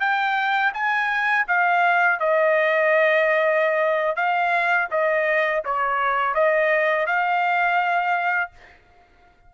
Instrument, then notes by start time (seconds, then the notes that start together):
trumpet
0.00 G5
0.73 G#5
1.47 F5
2.19 D#5
4.16 F5
4.91 D#5
5.64 C#5
6.34 D#5
7.06 F5